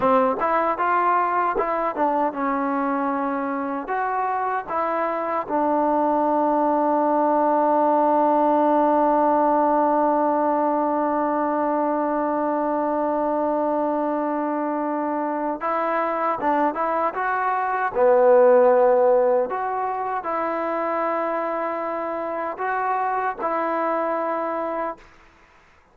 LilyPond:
\new Staff \with { instrumentName = "trombone" } { \time 4/4 \tempo 4 = 77 c'8 e'8 f'4 e'8 d'8 cis'4~ | cis'4 fis'4 e'4 d'4~ | d'1~ | d'1~ |
d'1 | e'4 d'8 e'8 fis'4 b4~ | b4 fis'4 e'2~ | e'4 fis'4 e'2 | }